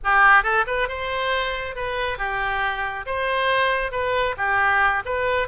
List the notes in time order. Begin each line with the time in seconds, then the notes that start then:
0.03 G4
0.43 A4
0.66 B4
0.88 C5
1.75 B4
2.18 G4
3.06 C5
3.91 B4
4.37 G4
5.05 B4